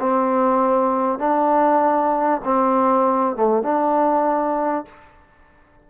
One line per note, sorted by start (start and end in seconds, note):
0.00 1.19 C4
1.19 2.41 D4
2.45 3.36 C4
3.36 3.63 A3
3.63 4.85 D4